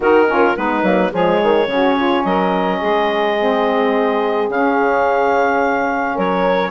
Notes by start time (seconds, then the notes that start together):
0.00 D#3 D#4 F#4 A#4
0.27 C#4 F4
0.56 G#3 B3 D#4 B4
0.82 F#3 A#3
1.11 F3 G#3 G#4 C#5
1.43 D#3
1.67 C#3 C#4 F#4
1.96 F4
2.24 F#3 A#4 D#5
2.78 G#3 G#4
3.39 C4
4.48 C#3 C#4 F5
6.14 F#3 A#4 C#5